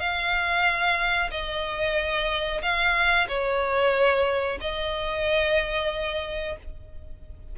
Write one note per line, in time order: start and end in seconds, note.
0.00 1.30 F5
1.31 2.61 D#5
2.63 3.28 F5
3.28 4.59 C#5
4.61 6.56 D#5